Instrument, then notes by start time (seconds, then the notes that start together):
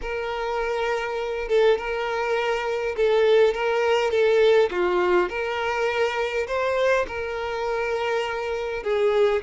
violin
0.01 A#4
1.48 A4
1.78 A#4
2.96 A4
3.54 A#4
4.10 A4
4.70 F4
5.29 A#4
6.47 C5
7.07 A#4
8.83 G#4